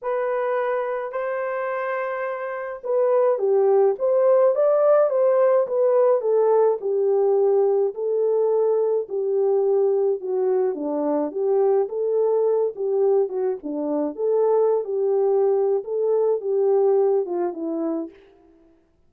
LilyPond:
\new Staff \with { instrumentName = "horn" } { \time 4/4 \tempo 4 = 106 b'2 c''2~ | c''4 b'4 g'4 c''4 | d''4 c''4 b'4 a'4 | g'2 a'2 |
g'2 fis'4 d'4 | g'4 a'4. g'4 fis'8 | d'4 a'4~ a'16 g'4.~ g'16 | a'4 g'4. f'8 e'4 | }